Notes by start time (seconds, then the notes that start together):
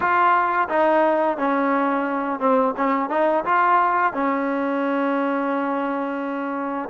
0.00 F4
0.69 D#4
1.37 C#4
2.39 C4
2.76 C#4
3.09 D#4
3.45 F4
4.13 C#4